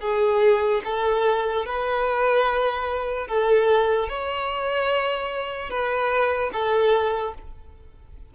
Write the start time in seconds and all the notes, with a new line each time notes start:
0.00 G#4
0.84 A4
1.65 B4
3.27 A4
4.08 C#5
5.69 B4
6.52 A4